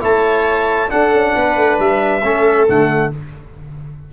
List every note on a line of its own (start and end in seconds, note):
0.00 0.91 A3
0.00 0.88 E4
0.00 0.89 C#5
0.00 0.90 A5
0.89 2.21 D4
0.89 1.12 D4
0.89 1.34 A4
0.89 1.78 F#5
1.12 1.34 C#4
1.35 1.56 B3
1.35 2.23 B4
1.56 1.78 A3
1.79 2.23 G3
1.79 2.68 E5
2.23 2.67 A3
2.23 2.67 C#4
2.23 3.12 A4
2.67 3.12 D3
2.67 3.11 A3
2.67 3.13 F#5